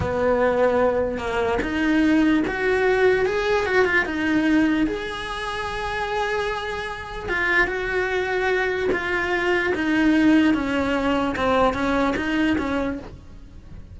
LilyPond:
\new Staff \with { instrumentName = "cello" } { \time 4/4 \tempo 4 = 148 b2. ais4 | dis'2 fis'2 | gis'4 fis'8 f'8 dis'2 | gis'1~ |
gis'2 f'4 fis'4~ | fis'2 f'2 | dis'2 cis'2 | c'4 cis'4 dis'4 cis'4 | }